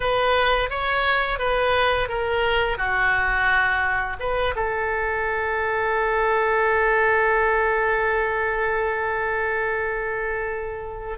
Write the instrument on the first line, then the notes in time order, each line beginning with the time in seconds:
oboe
0.00 B4
0.70 C#5
1.38 B4
2.08 A#4
2.77 F#4
4.19 B4
4.55 A4